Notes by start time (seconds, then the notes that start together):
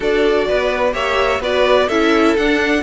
0.00 D4 F#4 A4 D5
0.48 B3 B4
0.92 A#3 G4 C#5 E5
1.39 B3 F#4 B4 D5
1.87 C#4 E4 A4 E5
2.36 D4 F#5